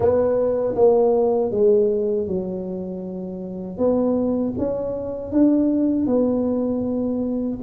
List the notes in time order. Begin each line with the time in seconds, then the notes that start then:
0.00 B3
0.75 A#3
1.51 G#3
2.27 F#3
3.77 B3
4.58 C#4
5.32 D4
6.06 B3